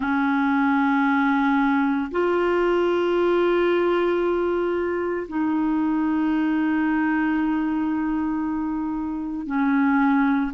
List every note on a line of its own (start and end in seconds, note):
0.00 2.11 C#4
2.11 5.27 F4
5.28 9.46 D#4
9.46 10.51 C#4